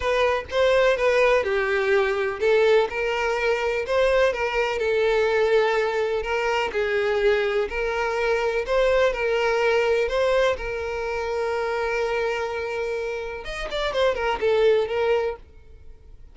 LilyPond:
\new Staff \with { instrumentName = "violin" } { \time 4/4 \tempo 4 = 125 b'4 c''4 b'4 g'4~ | g'4 a'4 ais'2 | c''4 ais'4 a'2~ | a'4 ais'4 gis'2 |
ais'2 c''4 ais'4~ | ais'4 c''4 ais'2~ | ais'1 | dis''8 d''8 c''8 ais'8 a'4 ais'4 | }